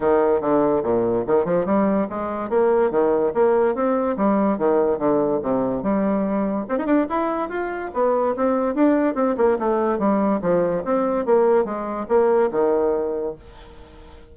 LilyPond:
\new Staff \with { instrumentName = "bassoon" } { \time 4/4 \tempo 4 = 144 dis4 d4 ais,4 dis8 f8 | g4 gis4 ais4 dis4 | ais4 c'4 g4 dis4 | d4 c4 g2 |
c'16 dis'16 d'8 e'4 f'4 b4 | c'4 d'4 c'8 ais8 a4 | g4 f4 c'4 ais4 | gis4 ais4 dis2 | }